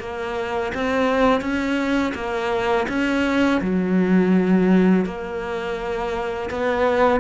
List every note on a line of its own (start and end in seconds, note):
0.00 0.72 A#3
0.74 1.41 C4
1.41 2.13 C#4
2.15 2.87 A#3
2.89 3.61 C#4
3.62 5.05 F#3
5.05 6.50 A#3
6.50 7.20 B3